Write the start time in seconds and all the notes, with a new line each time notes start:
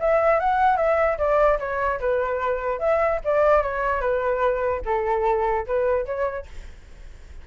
0.00 E5
0.40 F#5
0.77 E5
1.18 D5
1.59 C#5
2.00 B4
2.80 E5
3.25 D5
3.62 C#5
4.01 B4
4.85 A4
5.67 B4
6.06 C#5